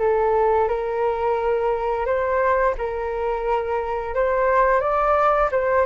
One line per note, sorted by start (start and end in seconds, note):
0.00 0.68 A4
0.68 2.06 A#4
2.06 2.75 C5
2.78 4.15 A#4
4.15 4.81 C5
4.81 5.50 D5
5.52 5.86 C5